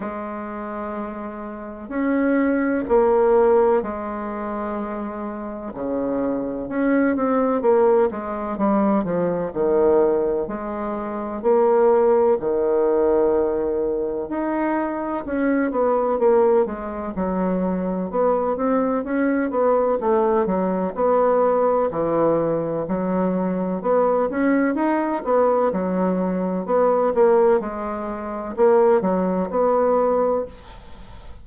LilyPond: \new Staff \with { instrumentName = "bassoon" } { \time 4/4 \tempo 4 = 63 gis2 cis'4 ais4 | gis2 cis4 cis'8 c'8 | ais8 gis8 g8 f8 dis4 gis4 | ais4 dis2 dis'4 |
cis'8 b8 ais8 gis8 fis4 b8 c'8 | cis'8 b8 a8 fis8 b4 e4 | fis4 b8 cis'8 dis'8 b8 fis4 | b8 ais8 gis4 ais8 fis8 b4 | }